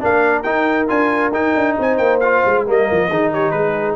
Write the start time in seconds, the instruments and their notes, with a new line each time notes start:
0.00 tuba A#3, trombone D4, horn A#4, trumpet F5
0.43 tuba D#4, trombone D#4, trumpet G5
0.88 tuba D4, trombone F4, trumpet G#5
1.32 tuba D#4, trombone D#4, trumpet G5
1.56 tuba D4
1.79 tuba C4, horn C5, trumpet G#5
1.98 tuba A#3, trumpet G5
2.20 trombone F4, trumpet F5
2.45 tuba G#3
2.66 tuba G3, trombone A#3, horn A#4, trumpet D#5
2.92 tuba F3
3.09 tuba D#3, trombone D#4, horn G#4
3.33 horn G4, trumpet C#5
3.51 tuba G#3, horn G#4, trumpet B4